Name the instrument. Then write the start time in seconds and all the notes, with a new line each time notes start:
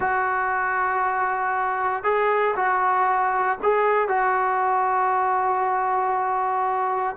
trombone
0.00 F#4
2.03 G#4
2.55 F#4
3.62 G#4
4.08 F#4